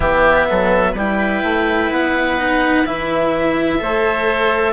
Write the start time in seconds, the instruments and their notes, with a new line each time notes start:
0.00 bassoon E3, cello B3, oboe G4, clarinet E5
0.49 bassoon F#3, oboe A4
0.92 bassoon G3, cello E4, oboe B4, clarinet G5
1.42 bassoon A3
1.91 bassoon B3, clarinet F#5
2.37 cello D#4
2.85 bassoon E3, cello E4, clarinet E5
3.79 bassoon A3, cello A4, oboe C5